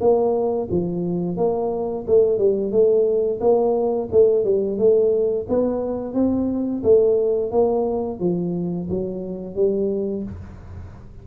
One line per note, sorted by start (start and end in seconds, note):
0.00 0.68 A#3
0.71 1.37 F3
1.37 2.05 A#3
2.07 2.38 A3
2.38 2.71 G3
2.71 3.39 A3
3.40 4.08 A#3
4.11 4.44 A3
4.44 4.78 G3
4.78 5.46 A3
5.49 6.14 B3
6.14 6.82 C4
6.83 7.51 A3
7.51 8.19 A#3
8.19 8.88 F3
8.89 9.55 F#3
9.55 10.23 G3